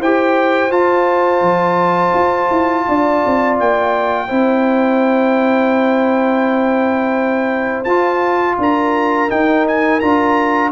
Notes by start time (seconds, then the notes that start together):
0.00 E4 G4 C5 G5
0.71 F4 A5
1.41 F3
2.14 F4
2.51 E4
2.88 D4 D5
3.26 C4
3.60 A#3 G5
4.27 C4 E4 C5
7.84 F4 A5
8.58 D4 A#4 A#5
9.30 D#4 G5
9.68 G#5
10.00 D4 F4 A#5